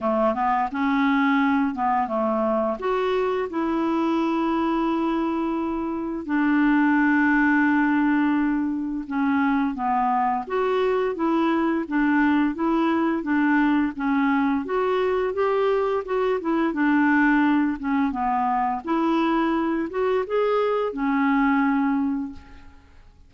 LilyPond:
\new Staff \with { instrumentName = "clarinet" } { \time 4/4 \tempo 4 = 86 a8 b8 cis'4. b8 a4 | fis'4 e'2.~ | e'4 d'2.~ | d'4 cis'4 b4 fis'4 |
e'4 d'4 e'4 d'4 | cis'4 fis'4 g'4 fis'8 e'8 | d'4. cis'8 b4 e'4~ | e'8 fis'8 gis'4 cis'2 | }